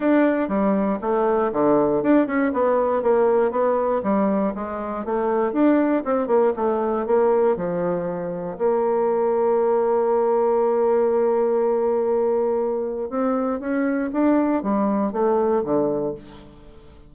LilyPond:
\new Staff \with { instrumentName = "bassoon" } { \time 4/4 \tempo 4 = 119 d'4 g4 a4 d4 | d'8 cis'8 b4 ais4 b4 | g4 gis4 a4 d'4 | c'8 ais8 a4 ais4 f4~ |
f4 ais2.~ | ais1~ | ais2 c'4 cis'4 | d'4 g4 a4 d4 | }